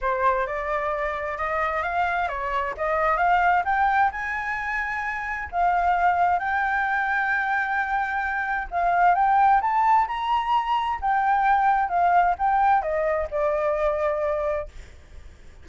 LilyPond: \new Staff \with { instrumentName = "flute" } { \time 4/4 \tempo 4 = 131 c''4 d''2 dis''4 | f''4 cis''4 dis''4 f''4 | g''4 gis''2. | f''2 g''2~ |
g''2. f''4 | g''4 a''4 ais''2 | g''2 f''4 g''4 | dis''4 d''2. | }